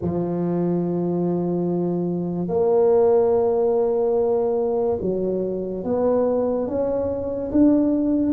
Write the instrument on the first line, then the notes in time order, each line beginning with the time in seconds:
tuba
0.01 F3
2.48 A#3
5.01 F#3
5.84 B3
6.67 C#4
7.51 D4